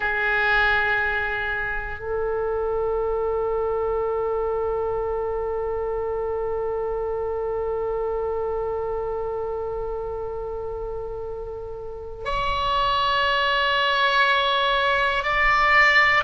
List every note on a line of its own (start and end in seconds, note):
0.00 2.00 G#4
2.00 12.25 A4
12.25 15.23 C#5
15.23 16.23 D5